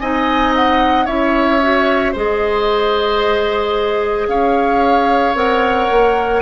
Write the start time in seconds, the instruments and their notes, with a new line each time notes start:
0.00 bassoon C4, clarinet D#4, oboe D#5, flute G#5
0.56 flute F#5
1.06 bassoon C#4, clarinet E4, oboe C#5, flute E5
1.62 clarinet F#4
2.13 bassoon G#3, clarinet G#4, oboe C5, flute D#5
4.28 bassoon C#4, oboe C#5, flute F5
5.35 bassoon C4, clarinet A#4, flute F#5
5.91 bassoon A#3